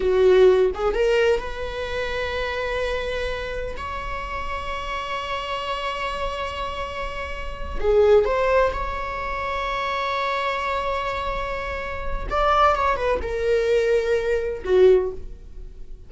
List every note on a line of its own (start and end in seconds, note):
0.00 0.71 F#4
0.74 0.93 G#4
0.93 1.39 A#4
1.39 3.76 B4
3.77 7.78 C#5
7.80 8.24 G#4
8.24 8.71 C5
8.72 12.27 C#5
12.29 12.75 D5
12.75 12.96 C#5
12.96 13.20 B4
13.22 14.63 A#4
14.64 15.11 F#4